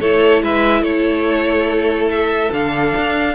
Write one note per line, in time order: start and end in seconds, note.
0.00 0.43 A3
0.00 2.52 E4
0.00 0.42 A4
0.00 0.43 C#5
0.43 0.82 G#3
0.43 0.82 B4
0.43 0.83 E5
0.82 2.50 A3
0.82 3.34 A4
0.82 2.09 C#5
2.10 2.52 E5
2.52 2.94 D3
2.52 3.35 D4
2.52 3.35 F5
2.96 3.35 D4